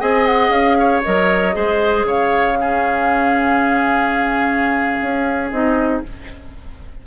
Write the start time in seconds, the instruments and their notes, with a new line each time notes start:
0.00 bassoon C4, clarinet G#4, oboe D#5, flute G#5
0.27 flute F#5
0.50 bassoon C#4, flute F5
0.80 oboe C#5
1.03 bassoon F#3, clarinet A#4, flute D#5
1.53 bassoon G#3, clarinet G#4, oboe C5
2.04 bassoon C#3, oboe C#5, flute F5
2.56 clarinet C#4, oboe G#4
5.02 bassoon C#4
5.51 bassoon C4, clarinet D#4, flute D#5